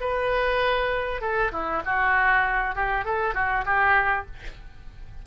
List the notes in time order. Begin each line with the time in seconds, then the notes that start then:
0.00 B4
1.21 A4
1.52 E4
1.85 F#4
2.75 G4
3.04 A4
3.34 F#4
3.65 G4